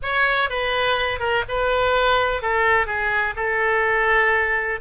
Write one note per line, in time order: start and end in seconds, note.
0.02 0.49 C#5
0.49 1.19 B4
1.19 1.43 A#4
1.48 2.42 B4
2.42 2.86 A4
2.86 3.34 G#4
3.36 4.80 A4